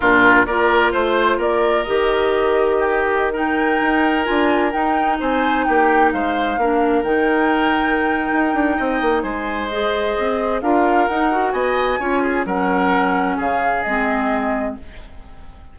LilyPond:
<<
  \new Staff \with { instrumentName = "flute" } { \time 4/4 \tempo 4 = 130 ais'4 d''4 c''4 d''4 | dis''2.~ dis''16 g''8.~ | g''4~ g''16 gis''4 g''4 gis''8.~ | gis''16 g''4 f''2 g''8.~ |
g''1 | gis''4 dis''2 f''4 | fis''4 gis''2 fis''4~ | fis''4 f''4 dis''2 | }
  \new Staff \with { instrumentName = "oboe" } { \time 4/4 f'4 ais'4 c''4 ais'4~ | ais'2 g'4~ g'16 ais'8.~ | ais'2.~ ais'16 c''8.~ | c''16 g'4 c''4 ais'4.~ ais'16~ |
ais'2. dis''4 | c''2. ais'4~ | ais'4 dis''4 cis''8 gis'8 ais'4~ | ais'4 gis'2. | }
  \new Staff \with { instrumentName = "clarinet" } { \time 4/4 d'4 f'2. | g'2.~ g'16 dis'8.~ | dis'4~ dis'16 f'4 dis'4.~ dis'16~ | dis'2~ dis'16 d'4 dis'8.~ |
dis'1~ | dis'4 gis'2 f'4 | dis'8 fis'4. f'4 cis'4~ | cis'2 c'2 | }
  \new Staff \with { instrumentName = "bassoon" } { \time 4/4 ais,4 ais4 a4 ais4 | dis1~ | dis16 dis'4 d'4 dis'4 c'8.~ | c'16 ais4 gis4 ais4 dis8.~ |
dis2 dis'8 d'8 c'8 ais8 | gis2 c'4 d'4 | dis'4 b4 cis'4 fis4~ | fis4 cis4 gis2 | }
>>